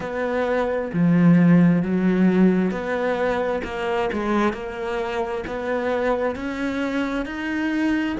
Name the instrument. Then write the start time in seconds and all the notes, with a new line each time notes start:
cello
0.00 B3
0.93 F3
1.82 F#3
2.71 B3
3.64 A#3
4.12 G#3
4.53 A#3
5.46 B3
6.35 C#4
7.25 D#4